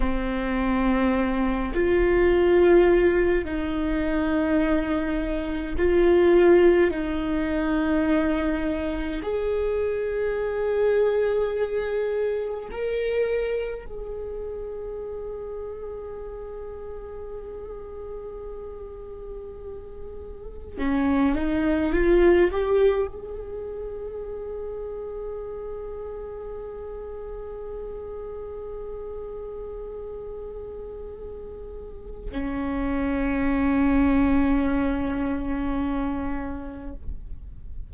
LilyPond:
\new Staff \with { instrumentName = "viola" } { \time 4/4 \tempo 4 = 52 c'4. f'4. dis'4~ | dis'4 f'4 dis'2 | gis'2. ais'4 | gis'1~ |
gis'2 cis'8 dis'8 f'8 g'8 | gis'1~ | gis'1 | cis'1 | }